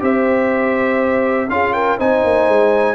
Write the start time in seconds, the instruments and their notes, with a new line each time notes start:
0.00 tuba C4, trombone G4, horn C5, trumpet E5
1.50 tuba C#4, trombone F4, horn G#4, trumpet F5
1.73 horn A#4, trumpet G5
1.99 tuba C4, trombone D#4, horn C5, trumpet G#5
2.24 tuba A#3
2.49 tuba G#3